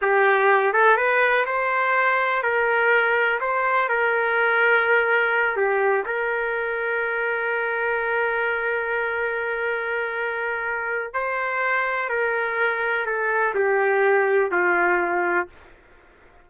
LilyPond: \new Staff \with { instrumentName = "trumpet" } { \time 4/4 \tempo 4 = 124 g'4. a'8 b'4 c''4~ | c''4 ais'2 c''4 | ais'2.~ ais'8 g'8~ | g'8 ais'2.~ ais'8~ |
ais'1~ | ais'2. c''4~ | c''4 ais'2 a'4 | g'2 f'2 | }